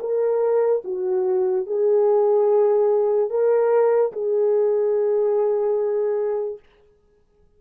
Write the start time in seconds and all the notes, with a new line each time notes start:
0.00 A#4
0.84 F#4
1.66 G#4
3.30 A#4
4.12 G#4